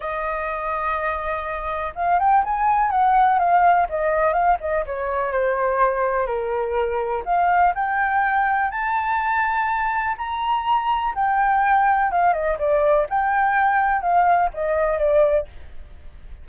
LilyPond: \new Staff \with { instrumentName = "flute" } { \time 4/4 \tempo 4 = 124 dis''1 | f''8 g''8 gis''4 fis''4 f''4 | dis''4 f''8 dis''8 cis''4 c''4~ | c''4 ais'2 f''4 |
g''2 a''2~ | a''4 ais''2 g''4~ | g''4 f''8 dis''8 d''4 g''4~ | g''4 f''4 dis''4 d''4 | }